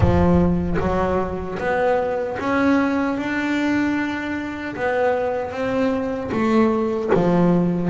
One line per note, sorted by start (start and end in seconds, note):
0.00 0.77 F3
0.79 1.58 F#3
1.58 2.37 B3
2.39 3.17 C#4
3.17 4.75 D4
4.75 5.51 B3
5.51 6.30 C4
6.31 7.10 A3
7.14 7.90 F3